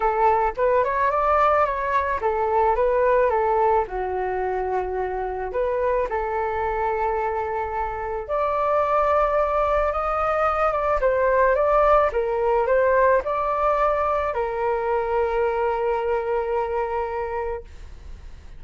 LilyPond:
\new Staff \with { instrumentName = "flute" } { \time 4/4 \tempo 4 = 109 a'4 b'8 cis''8 d''4 cis''4 | a'4 b'4 a'4 fis'4~ | fis'2 b'4 a'4~ | a'2. d''4~ |
d''2 dis''4. d''8 | c''4 d''4 ais'4 c''4 | d''2 ais'2~ | ais'1 | }